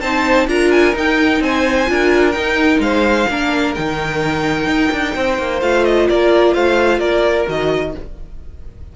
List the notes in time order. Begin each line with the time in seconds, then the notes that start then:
0.00 C4 D#4 C5 A5
0.47 D4 F4 A#4 A#5
0.71 G#5
0.94 D#4 G5
1.40 C4 C5 G#5
1.87 D4 F4 A#4
2.31 D#4 G5
2.79 G#3 C5 F5
3.30 A#3 D4 A#4
3.74 D#3 D#4 G5
4.67 D#4
4.92 D4
5.15 C4 C5
5.38 A#3
5.61 A3 F4 F5
5.85 D#5
6.08 A#3 A#4 D5
6.53 A3 C5 F5
6.99 A#3 A#4 D5
7.46 D#3 F#4 D#5